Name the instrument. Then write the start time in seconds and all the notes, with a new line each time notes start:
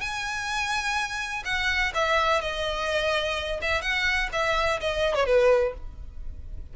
violin
0.00 G#5
1.44 F#5
1.94 E5
2.41 D#5
3.61 E5
3.81 F#5
4.32 E5
4.80 D#5
5.14 C#5
5.26 B4